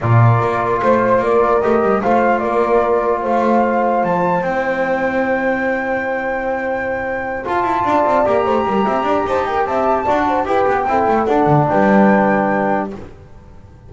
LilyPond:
<<
  \new Staff \with { instrumentName = "flute" } { \time 4/4 \tempo 4 = 149 d''2 c''4 d''4 | dis''4 f''4 d''2 | f''2 a''4 g''4~ | g''1~ |
g''2~ g''8 a''4.~ | a''8 ais''2~ ais''8 a''8 g''8 | a''2 g''2 | fis''4 g''2. | }
  \new Staff \with { instrumentName = "horn" } { \time 4/4 ais'2 c''4 ais'4~ | ais'4 c''4 ais'2 | c''1~ | c''1~ |
c''2.~ c''8 d''8~ | d''4 c''8 ais'8 e''8 d''8 c''8 ais'8 | e''4 d''8 c''8 b'4 a'4~ | a'4 b'2. | }
  \new Staff \with { instrumentName = "trombone" } { \time 4/4 f'1 | g'4 f'2.~ | f'2. e'4~ | e'1~ |
e'2~ e'8 f'4.~ | f'8 g'2.~ g'8~ | g'4 fis'4 g'4 e'4 | d'1 | }
  \new Staff \with { instrumentName = "double bass" } { \time 4/4 ais,4 ais4 a4 ais4 | a8 g8 a4 ais2 | a2 f4 c'4~ | c'1~ |
c'2~ c'8 f'8 e'8 d'8 | c'8 ais8 a8 g8 c'8 d'8 dis'4 | c'4 d'4 e'8 b8 c'8 a8 | d'8 d8 g2. | }
>>